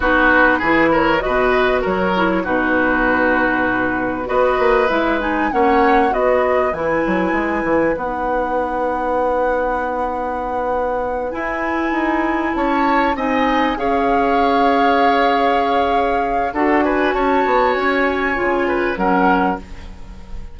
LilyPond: <<
  \new Staff \with { instrumentName = "flute" } { \time 4/4 \tempo 4 = 98 b'4. cis''8 dis''4 cis''4 | b'2. dis''4 | e''8 gis''8 fis''4 dis''4 gis''4~ | gis''4 fis''2.~ |
fis''2~ fis''8 gis''4.~ | gis''8 a''4 gis''4 f''4.~ | f''2. fis''8 gis''8 | a''4 gis''2 fis''4 | }
  \new Staff \with { instrumentName = "oboe" } { \time 4/4 fis'4 gis'8 ais'8 b'4 ais'4 | fis'2. b'4~ | b'4 cis''4 b'2~ | b'1~ |
b'1~ | b'8 cis''4 dis''4 cis''4.~ | cis''2. a'8 b'8 | cis''2~ cis''8 b'8 ais'4 | }
  \new Staff \with { instrumentName = "clarinet" } { \time 4/4 dis'4 e'4 fis'4. e'8 | dis'2. fis'4 | e'8 dis'8 cis'4 fis'4 e'4~ | e'4 dis'2.~ |
dis'2~ dis'8 e'4.~ | e'4. dis'4 gis'4.~ | gis'2. fis'4~ | fis'2 f'4 cis'4 | }
  \new Staff \with { instrumentName = "bassoon" } { \time 4/4 b4 e4 b,4 fis4 | b,2. b8 ais8 | gis4 ais4 b4 e8 fis8 | gis8 e8 b2.~ |
b2~ b8 e'4 dis'8~ | dis'8 cis'4 c'4 cis'4.~ | cis'2. d'4 | cis'8 b8 cis'4 cis4 fis4 | }
>>